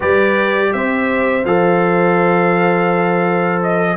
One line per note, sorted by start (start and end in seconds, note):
0.00 0.73 G3
0.00 1.42 G4
0.00 0.70 B4
0.00 0.73 D5
0.73 1.44 C4
0.73 3.96 C5
0.73 1.45 E5
1.44 3.96 F3
1.44 3.96 A4
1.44 3.62 F5
3.62 3.96 D#5